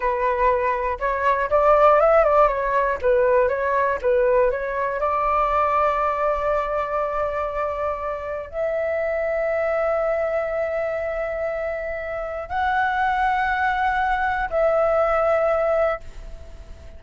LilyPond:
\new Staff \with { instrumentName = "flute" } { \time 4/4 \tempo 4 = 120 b'2 cis''4 d''4 | e''8 d''8 cis''4 b'4 cis''4 | b'4 cis''4 d''2~ | d''1~ |
d''4 e''2.~ | e''1~ | e''4 fis''2.~ | fis''4 e''2. | }